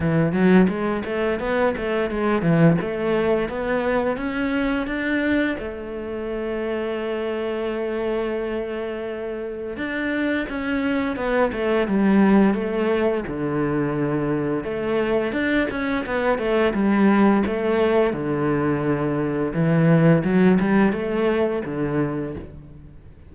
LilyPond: \new Staff \with { instrumentName = "cello" } { \time 4/4 \tempo 4 = 86 e8 fis8 gis8 a8 b8 a8 gis8 e8 | a4 b4 cis'4 d'4 | a1~ | a2 d'4 cis'4 |
b8 a8 g4 a4 d4~ | d4 a4 d'8 cis'8 b8 a8 | g4 a4 d2 | e4 fis8 g8 a4 d4 | }